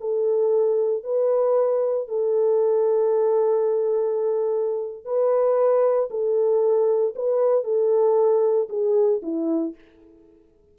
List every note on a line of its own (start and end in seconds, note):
0.00 1.03 A4
1.03 2.08 B4
2.08 5.05 A4
5.05 6.09 B4
6.10 7.14 A4
7.15 7.64 B4
7.64 8.68 A4
8.69 9.21 G#4
9.22 9.74 E4